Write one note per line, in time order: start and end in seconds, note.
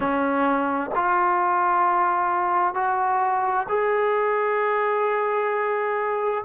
0.00 0.90 C#4
0.95 2.74 F4
2.74 3.66 F#4
3.68 6.44 G#4